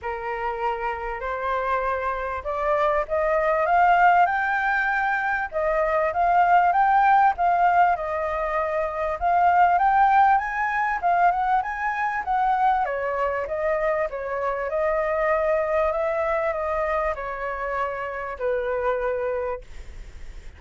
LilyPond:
\new Staff \with { instrumentName = "flute" } { \time 4/4 \tempo 4 = 98 ais'2 c''2 | d''4 dis''4 f''4 g''4~ | g''4 dis''4 f''4 g''4 | f''4 dis''2 f''4 |
g''4 gis''4 f''8 fis''8 gis''4 | fis''4 cis''4 dis''4 cis''4 | dis''2 e''4 dis''4 | cis''2 b'2 | }